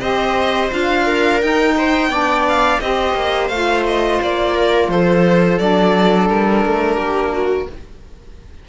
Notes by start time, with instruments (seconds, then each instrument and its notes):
0.00 cello C4, saxophone G4, viola C5, violin D#5
0.69 cello D4, saxophone F4, violin F5
1.06 viola A#4
1.41 saxophone D#4, cello D#4, violin G5
1.77 viola C5
2.08 cello B3, saxophone D4, viola D5
2.48 violin F5
2.80 cello C4, saxophone G4, viola C5, violin D#5
3.14 cello A#3
3.48 cello A3, saxophone F4, violin F5
3.86 violin D#5
4.22 cello A#3, violin D5
4.55 viola A#4
4.88 cello F3, viola A4, violin C5
5.58 cello F#3, saxophone D4, violin D5
6.28 cello G3, violin A#4
6.65 cello A3
6.95 cello A#3, viola G4
7.33 viola F#4